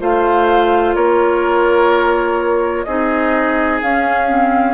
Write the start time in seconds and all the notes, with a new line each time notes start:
0.00 A3 F4 C5 F5
0.94 A#3 A#4 C#5
2.84 C4 D#4 G#4 D#5
3.82 C#4 F5
4.29 C4